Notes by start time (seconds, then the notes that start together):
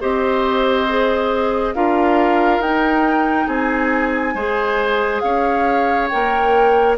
0.00 C4 G4 C5 D#5
0.88 G#4
1.74 D4 F4 A#4 F5
2.59 D#4 G5
3.47 C4 G#4 G#5
4.34 G#3 G#4 C5
5.20 C#4 C#5 F5
6.08 A#3 A#4 G5